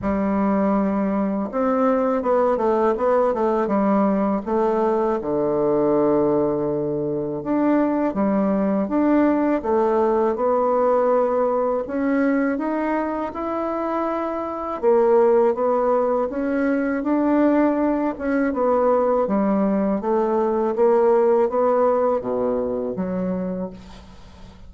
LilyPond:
\new Staff \with { instrumentName = "bassoon" } { \time 4/4 \tempo 4 = 81 g2 c'4 b8 a8 | b8 a8 g4 a4 d4~ | d2 d'4 g4 | d'4 a4 b2 |
cis'4 dis'4 e'2 | ais4 b4 cis'4 d'4~ | d'8 cis'8 b4 g4 a4 | ais4 b4 b,4 fis4 | }